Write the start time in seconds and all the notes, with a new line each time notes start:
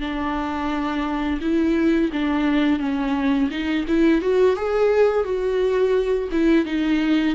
0.00 D4
1.41 E4
2.12 D4
2.79 C#4
3.50 D#4
3.88 E4
4.21 F#4
4.56 G#4
5.24 F#4
6.32 E4
6.65 D#4